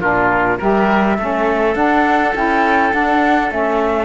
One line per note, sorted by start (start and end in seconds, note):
0.00 0.58 A#2
0.00 0.59 D4
0.00 0.58 F4
0.00 0.58 A#4
0.58 1.18 G3
0.58 1.18 G4
0.58 1.17 A#4
0.58 1.75 E5
1.18 1.75 A3
1.18 1.75 C#4
1.18 4.05 A4
1.75 2.33 D4
1.75 2.33 F#5
2.34 2.93 C#4
2.34 2.91 E4
2.34 2.93 G5
2.91 3.49 D4
2.91 3.51 D4
2.91 3.51 F#5
3.49 4.05 A3
3.49 4.05 C#4
3.49 4.05 E5